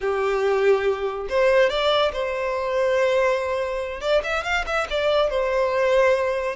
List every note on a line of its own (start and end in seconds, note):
0.00 1.27 G4
1.29 1.69 C5
1.69 2.11 D5
2.12 4.00 C5
4.00 4.22 D5
4.23 4.43 E5
4.43 4.64 F5
4.66 4.87 E5
4.90 5.30 D5
5.30 6.56 C5